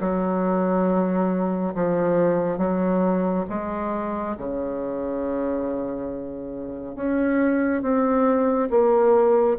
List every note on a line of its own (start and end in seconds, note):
0.00 1.74 F#3
1.74 2.58 F3
2.58 3.45 F#3
3.49 4.36 G#3
4.37 6.95 C#3
6.95 7.82 C#4
7.82 8.69 C4
8.70 9.57 A#3